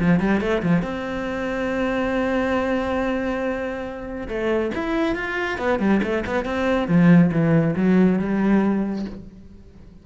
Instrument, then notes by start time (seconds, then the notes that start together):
cello
0.00 F3
0.20 G3
0.41 A3
0.63 F3
0.83 C4
4.29 A3
4.75 E4
5.16 F4
5.59 B3
5.80 G3
6.03 A3
6.27 B3
6.45 C4
6.88 F3
7.32 E3
7.76 F#3
8.20 G3